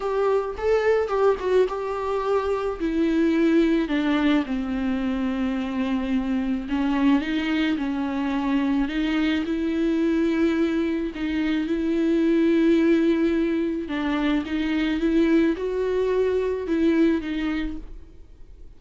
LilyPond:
\new Staff \with { instrumentName = "viola" } { \time 4/4 \tempo 4 = 108 g'4 a'4 g'8 fis'8 g'4~ | g'4 e'2 d'4 | c'1 | cis'4 dis'4 cis'2 |
dis'4 e'2. | dis'4 e'2.~ | e'4 d'4 dis'4 e'4 | fis'2 e'4 dis'4 | }